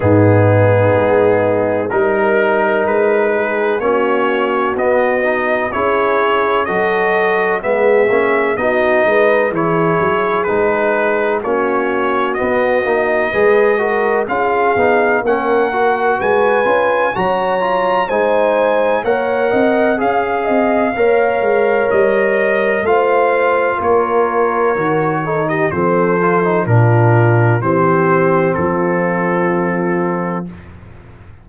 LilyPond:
<<
  \new Staff \with { instrumentName = "trumpet" } { \time 4/4 \tempo 4 = 63 gis'2 ais'4 b'4 | cis''4 dis''4 cis''4 dis''4 | e''4 dis''4 cis''4 b'4 | cis''4 dis''2 f''4 |
fis''4 gis''4 ais''4 gis''4 | fis''4 f''2 dis''4 | f''4 cis''4.~ cis''16 dis''16 c''4 | ais'4 c''4 a'2 | }
  \new Staff \with { instrumentName = "horn" } { \time 4/4 dis'2 ais'4. gis'8 | fis'2 gis'4 a'4 | gis'4 fis'8 b'8 gis'2 | fis'2 b'8 ais'8 gis'4 |
ais'4 b'4 cis''4 c''4 | cis''8 dis''8 f''8 dis''8 cis''2 | c''4 ais'4. a'16 g'16 a'4 | f'4 g'4 f'2 | }
  \new Staff \with { instrumentName = "trombone" } { \time 4/4 b2 dis'2 | cis'4 b8 dis'8 e'4 fis'4 | b8 cis'8 dis'4 e'4 dis'4 | cis'4 b8 dis'8 gis'8 fis'8 f'8 dis'8 |
cis'8 fis'4 f'8 fis'8 f'8 dis'4 | ais'4 gis'4 ais'2 | f'2 fis'8 dis'8 c'8 f'16 dis'16 | d'4 c'2. | }
  \new Staff \with { instrumentName = "tuba" } { \time 4/4 gis,4 gis4 g4 gis4 | ais4 b4 cis'4 fis4 | gis8 ais8 b8 gis8 e8 fis8 gis4 | ais4 b8 ais8 gis4 cis'8 b8 |
ais4 gis8 cis'8 fis4 gis4 | ais8 c'8 cis'8 c'8 ais8 gis8 g4 | a4 ais4 dis4 f4 | ais,4 e4 f2 | }
>>